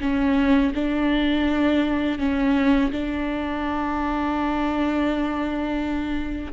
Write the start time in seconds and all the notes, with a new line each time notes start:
0.00 C#4
0.74 D4
2.18 C#4
2.91 D4